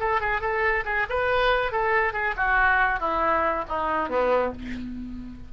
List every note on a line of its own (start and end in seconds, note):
0.00 0.21 A4
0.21 0.41 G#4
0.41 0.85 A4
0.85 1.07 G#4
1.10 1.72 B4
1.72 2.13 A4
2.13 2.35 G#4
2.37 3.00 F#4
3.00 3.65 E4
3.69 4.09 D#4
4.09 4.53 B3